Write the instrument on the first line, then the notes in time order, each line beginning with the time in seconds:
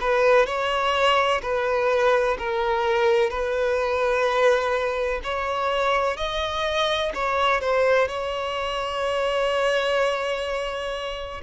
violin
0.00 B4
0.46 C#5
1.42 B4
2.38 A#4
3.30 B4
5.23 C#5
6.17 D#5
7.14 C#5
7.61 C5
8.08 C#5